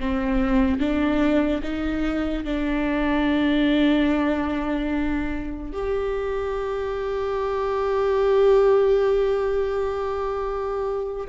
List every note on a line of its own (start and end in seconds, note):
0.00 0.80 C4
0.80 1.62 D4
1.63 2.44 D#4
2.44 5.73 D4
5.73 11.28 G4